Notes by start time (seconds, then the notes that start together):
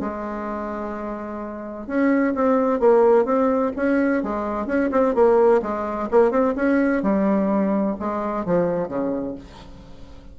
0.00 G#3
1.87 C#4
2.35 C4
2.80 A#3
3.25 C4
3.76 C#4
4.23 G#3
4.67 C#4
4.91 C4
5.14 A#3
5.62 G#3
6.11 A#3
6.31 C4
6.56 C#4
7.02 G3
7.99 G#3
8.45 F3
8.88 C#3